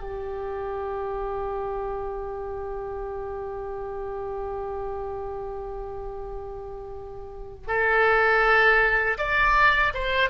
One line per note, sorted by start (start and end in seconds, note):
0.00 7.68 G4
7.68 9.18 A4
9.18 9.93 D5
9.94 10.30 C5